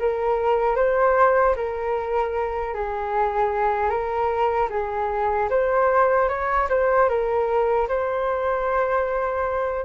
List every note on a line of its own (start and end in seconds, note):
0.00 0.76 A#4
0.76 1.55 C5
1.56 2.75 A#4
2.75 3.90 G#4
3.90 4.69 A#4
4.70 5.49 G#4
5.50 6.29 C5
6.29 6.69 C#5
6.70 7.09 C5
7.09 7.88 A#4
7.89 9.86 C5